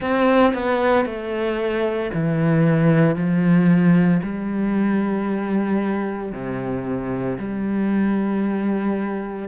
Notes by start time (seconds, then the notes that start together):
0.00 C4
0.53 B3
1.05 A3
2.13 E3
3.15 F3
4.22 G3
6.32 C3
7.38 G3